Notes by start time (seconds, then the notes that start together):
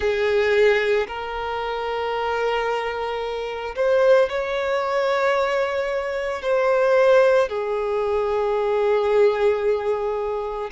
0.00 G#4
1.07 A#4
3.75 C5
4.29 C#5
6.42 C5
7.49 G#4